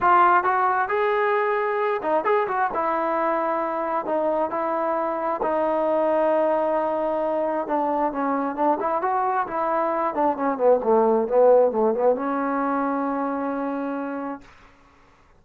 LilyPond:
\new Staff \with { instrumentName = "trombone" } { \time 4/4 \tempo 4 = 133 f'4 fis'4 gis'2~ | gis'8 dis'8 gis'8 fis'8 e'2~ | e'4 dis'4 e'2 | dis'1~ |
dis'4 d'4 cis'4 d'8 e'8 | fis'4 e'4. d'8 cis'8 b8 | a4 b4 a8 b8 cis'4~ | cis'1 | }